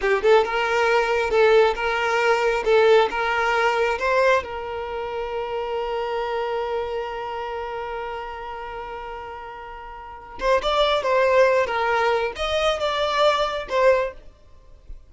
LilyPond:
\new Staff \with { instrumentName = "violin" } { \time 4/4 \tempo 4 = 136 g'8 a'8 ais'2 a'4 | ais'2 a'4 ais'4~ | ais'4 c''4 ais'2~ | ais'1~ |
ais'1~ | ais'2.~ ais'8 c''8 | d''4 c''4. ais'4. | dis''4 d''2 c''4 | }